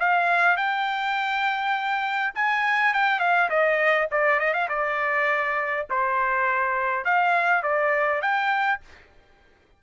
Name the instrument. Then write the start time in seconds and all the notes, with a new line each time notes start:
trumpet
0.00 F5
0.57 G5
2.36 G#5
2.94 G5
3.20 F5
3.50 D#5
4.11 D5
4.40 D#5
4.54 F5
4.70 D5
5.90 C5
7.05 F5
7.64 D5
8.22 G5